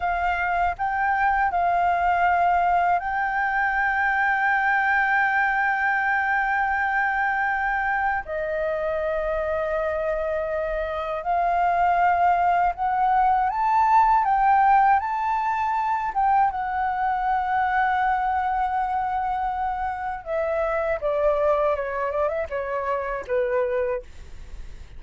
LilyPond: \new Staff \with { instrumentName = "flute" } { \time 4/4 \tempo 4 = 80 f''4 g''4 f''2 | g''1~ | g''2. dis''4~ | dis''2. f''4~ |
f''4 fis''4 a''4 g''4 | a''4. g''8 fis''2~ | fis''2. e''4 | d''4 cis''8 d''16 e''16 cis''4 b'4 | }